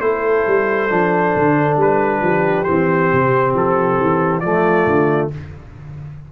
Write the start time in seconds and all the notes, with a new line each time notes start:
0.00 A3 E4 A4 C5
0.46 G3
0.89 F3 D4
1.35 D3
1.76 G3 B4
2.21 F3 G4
2.63 E3 C4 C5
3.12 C3
3.54 F3 A4
4.00 E3
4.40 F3 A3 F4 D5
4.86 D3